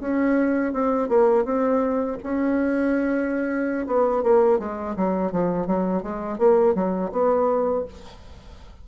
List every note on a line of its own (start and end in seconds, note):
0.00 0.73 C#4
0.74 1.09 C4
1.09 1.45 A#3
1.45 2.19 C4
2.23 3.87 C#4
3.87 4.23 B3
4.23 4.60 A#3
4.60 4.96 G#3
4.97 5.32 F#3
5.32 5.67 F3
5.67 6.03 F#3
6.03 6.39 G#3
6.39 6.75 A#3
6.75 7.11 F#3
7.12 7.86 B3